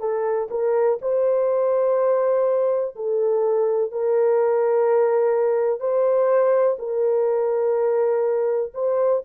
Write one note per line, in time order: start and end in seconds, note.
0.00 0.48 A4
0.51 0.99 A#4
1.02 2.95 C5
2.96 3.91 A4
3.91 5.80 A#4
5.80 6.77 C5
6.79 8.72 A#4
8.74 9.22 C5